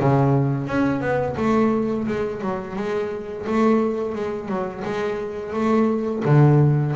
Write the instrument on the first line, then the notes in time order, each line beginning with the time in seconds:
double bass
0.00 C#3
0.67 C#4
1.01 B3
1.37 A3
2.07 G#3
2.41 F#3
2.76 G#3
3.47 A3
4.15 G#3
4.48 F#3
4.85 G#3
5.53 A3
6.25 D3